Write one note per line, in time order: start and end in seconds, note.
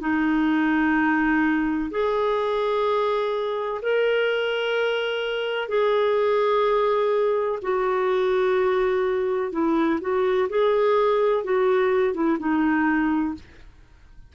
0.00 1.90 D#4
1.90 3.81 G#4
3.82 5.68 A#4
5.68 7.59 G#4
7.62 9.52 F#4
9.52 9.99 E4
10.00 10.48 F#4
10.49 11.44 G#4
11.44 12.14 F#4
12.14 12.38 E4
12.39 13.34 D#4